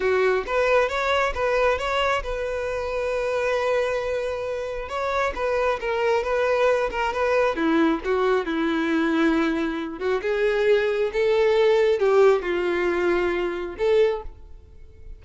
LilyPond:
\new Staff \with { instrumentName = "violin" } { \time 4/4 \tempo 4 = 135 fis'4 b'4 cis''4 b'4 | cis''4 b'2.~ | b'2. cis''4 | b'4 ais'4 b'4. ais'8 |
b'4 e'4 fis'4 e'4~ | e'2~ e'8 fis'8 gis'4~ | gis'4 a'2 g'4 | f'2. a'4 | }